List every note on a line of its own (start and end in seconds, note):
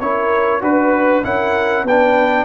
0.00 0.62 C#4
0.00 0.61 E4
0.00 0.63 A#4
0.00 0.62 C#5
0.61 1.24 D4
0.61 1.23 F#4
0.61 1.25 B4
0.61 1.24 B4
1.24 1.84 C#4
1.24 1.86 E4
1.24 1.86 A#4
1.24 1.86 F#5
1.84 2.45 B3
1.84 2.45 D4
1.84 2.45 B4
1.84 2.45 G5